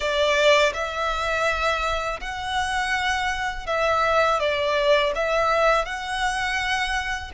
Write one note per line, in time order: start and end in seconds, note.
0.00 0.72 D5
0.73 2.20 E5
2.20 3.66 F#5
3.66 4.39 E5
4.39 5.12 D5
5.15 5.85 E5
5.85 7.31 F#5